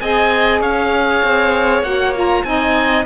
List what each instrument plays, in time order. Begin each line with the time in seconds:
0.00 cello C4, saxophone G#4, violin D#5, oboe G#5
0.61 cello C#4, violin C#5, oboe F5
1.23 cello C4
1.82 cello A#3, saxophone F#4, oboe F#5
2.15 saxophone F4, oboe A#5
2.44 cello C4, saxophone D#4, violin D#5, oboe G#5